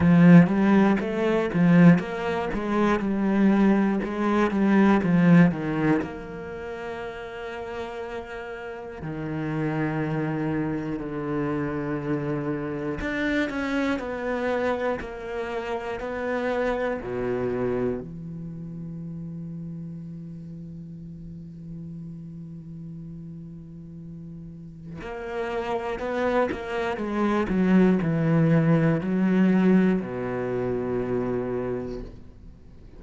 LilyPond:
\new Staff \with { instrumentName = "cello" } { \time 4/4 \tempo 4 = 60 f8 g8 a8 f8 ais8 gis8 g4 | gis8 g8 f8 dis8 ais2~ | ais4 dis2 d4~ | d4 d'8 cis'8 b4 ais4 |
b4 b,4 e2~ | e1~ | e4 ais4 b8 ais8 gis8 fis8 | e4 fis4 b,2 | }